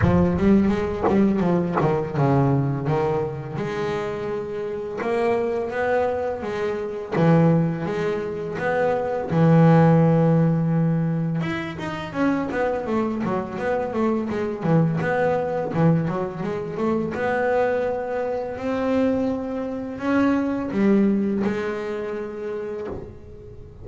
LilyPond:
\new Staff \with { instrumentName = "double bass" } { \time 4/4 \tempo 4 = 84 f8 g8 gis8 g8 f8 dis8 cis4 | dis4 gis2 ais4 | b4 gis4 e4 gis4 | b4 e2. |
e'8 dis'8 cis'8 b8 a8 fis8 b8 a8 | gis8 e8 b4 e8 fis8 gis8 a8 | b2 c'2 | cis'4 g4 gis2 | }